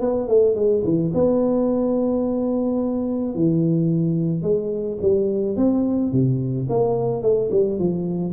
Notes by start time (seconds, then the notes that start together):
0.00 B3
0.28 A3
0.55 G#3
0.84 E3
1.14 B3
3.34 E3
4.42 G#3
5.01 G3
5.56 C4
6.11 C3
6.69 A#3
7.22 A3
7.51 G3
7.78 F3